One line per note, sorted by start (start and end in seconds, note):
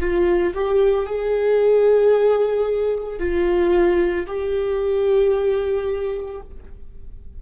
0.00 0.54 F4
0.54 1.06 G4
1.06 3.19 G#4
3.19 4.26 F4
4.27 6.41 G4